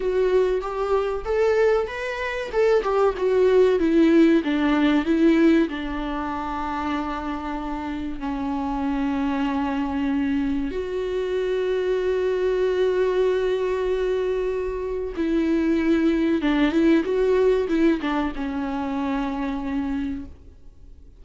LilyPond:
\new Staff \with { instrumentName = "viola" } { \time 4/4 \tempo 4 = 95 fis'4 g'4 a'4 b'4 | a'8 g'8 fis'4 e'4 d'4 | e'4 d'2.~ | d'4 cis'2.~ |
cis'4 fis'2.~ | fis'1 | e'2 d'8 e'8 fis'4 | e'8 d'8 cis'2. | }